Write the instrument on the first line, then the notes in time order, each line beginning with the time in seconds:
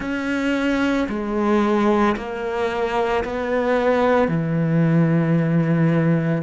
cello
0.00 C#4
1.08 G#3
2.17 A#3
3.24 B3
4.28 E3